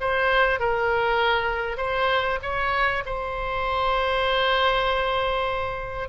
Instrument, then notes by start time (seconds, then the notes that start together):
oboe
0.00 C5
0.59 A#4
1.77 C5
2.42 C#5
3.05 C5